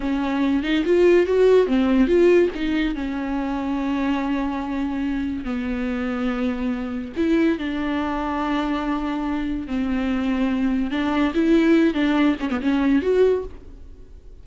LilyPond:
\new Staff \with { instrumentName = "viola" } { \time 4/4 \tempo 4 = 143 cis'4. dis'8 f'4 fis'4 | c'4 f'4 dis'4 cis'4~ | cis'1~ | cis'4 b2.~ |
b4 e'4 d'2~ | d'2. c'4~ | c'2 d'4 e'4~ | e'8 d'4 cis'16 b16 cis'4 fis'4 | }